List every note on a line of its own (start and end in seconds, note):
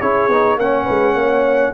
0.00 0.28 C#4
0.00 0.30 E4
0.00 0.58 G#4
0.00 0.58 C#5
0.28 0.57 B3
0.28 0.59 D#4
0.57 0.86 A#3
0.57 1.74 C#4
0.57 0.84 C#5
0.57 1.74 F#5
0.84 1.15 G#3
0.84 1.13 B4
1.14 1.72 A#3
1.14 1.72 C#5